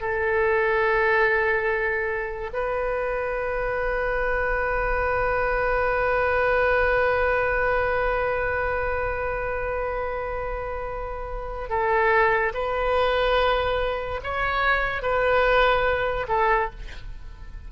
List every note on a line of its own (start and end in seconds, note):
0.00 2.50 A4
2.53 11.69 B4
11.69 12.52 A4
12.53 14.20 B4
14.23 15.02 C#5
15.02 16.27 B4
16.28 16.70 A4